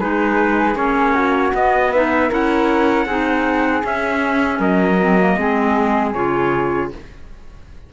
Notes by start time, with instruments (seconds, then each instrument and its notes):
0.00 cello G#3, clarinet D#4, flute G#4, trumpet B4
0.75 cello A#3, clarinet C#4, trumpet C#5
1.15 flute F#4
1.53 clarinet B3, cello B3, trumpet D#5
1.92 clarinet D#4, flute B4, trumpet E5
2.29 cello C#4, clarinet E4, flute A#4, trumpet F#5
3.06 cello C4, clarinet D#4, flute G#4
3.83 clarinet C#4, cello C#4, trumpet E5
4.60 cello F#3, flute A#4, trumpet D#5
5.00 clarinet C4
5.20 clarinet A#3
5.38 cello G#3, clarinet C4, flute G#4
6.14 cello C#3, clarinet F4, trumpet C#5